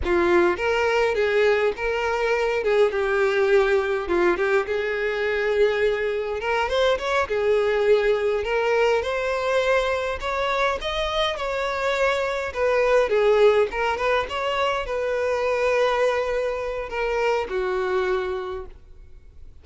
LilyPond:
\new Staff \with { instrumentName = "violin" } { \time 4/4 \tempo 4 = 103 f'4 ais'4 gis'4 ais'4~ | ais'8 gis'8 g'2 f'8 g'8 | gis'2. ais'8 c''8 | cis''8 gis'2 ais'4 c''8~ |
c''4. cis''4 dis''4 cis''8~ | cis''4. b'4 gis'4 ais'8 | b'8 cis''4 b'2~ b'8~ | b'4 ais'4 fis'2 | }